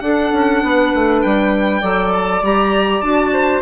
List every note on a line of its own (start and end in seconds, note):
0.00 0.31 D4
0.00 1.81 D4
0.00 0.64 A4
0.00 1.20 F#5
0.32 0.62 C#4
0.62 0.92 B3
0.62 1.80 B4
0.94 1.24 A3
1.22 1.82 G3
1.22 2.12 G5
1.80 2.42 F#3
1.80 2.42 A4
1.80 3.31 D5
2.13 2.43 A5
2.42 3.02 G3
2.42 3.03 G4
2.42 3.01 A#5
3.01 3.62 D4
3.01 3.62 F#4
3.01 3.61 A5
3.33 3.62 C5